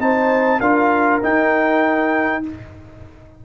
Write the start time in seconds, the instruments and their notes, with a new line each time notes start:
0.00 tuba C4, trombone D#4, horn C5, trumpet A5
0.61 tuba D4, trombone F4, horn A#4, trumpet F5
1.23 trombone D#4, tuba D#4, trumpet G5